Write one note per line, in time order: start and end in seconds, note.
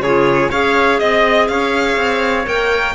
0.00 0.49 C#3
0.00 0.51 F4
0.00 0.50 G#4
0.00 0.51 C#5
0.50 1.01 C#4
0.50 2.46 G#4
0.50 0.99 C#5
0.50 1.00 F5
0.99 1.49 C4
0.99 1.49 D#5
0.99 1.48 D#5
1.48 1.97 C#4
1.48 2.96 C#5
1.48 2.47 F5
1.97 2.46 C4
2.46 2.96 A#3
2.46 2.95 A#4
2.46 2.96 G5